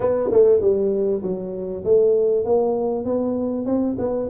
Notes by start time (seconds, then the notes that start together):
0.00 B3
0.31 A3
0.60 G3
1.22 F#3
1.84 A3
2.45 A#3
3.04 B3
3.65 C4
3.98 B3